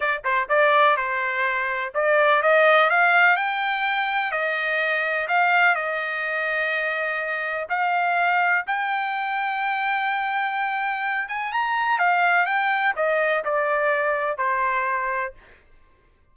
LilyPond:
\new Staff \with { instrumentName = "trumpet" } { \time 4/4 \tempo 4 = 125 d''8 c''8 d''4 c''2 | d''4 dis''4 f''4 g''4~ | g''4 dis''2 f''4 | dis''1 |
f''2 g''2~ | g''2.~ g''8 gis''8 | ais''4 f''4 g''4 dis''4 | d''2 c''2 | }